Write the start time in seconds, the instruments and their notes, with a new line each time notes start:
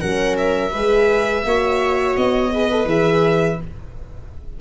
0.00 tuba F#3, horn C#4, viola A#4, violin F#5
0.37 violin E5
0.72 tuba G#3, horn G#4, viola B4
1.44 tuba A#3, horn F#4, viola C#5
2.17 tuba B3, violin D#5
2.52 horn G#4, viola B4
2.70 horn A4
2.85 tuba E3, horn G#4, violin E5